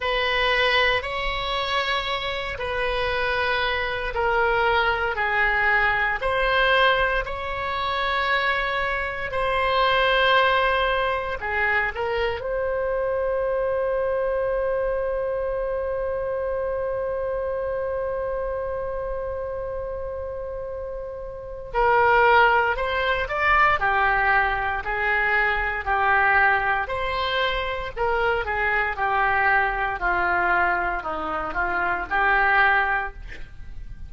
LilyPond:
\new Staff \with { instrumentName = "oboe" } { \time 4/4 \tempo 4 = 58 b'4 cis''4. b'4. | ais'4 gis'4 c''4 cis''4~ | cis''4 c''2 gis'8 ais'8 | c''1~ |
c''1~ | c''4 ais'4 c''8 d''8 g'4 | gis'4 g'4 c''4 ais'8 gis'8 | g'4 f'4 dis'8 f'8 g'4 | }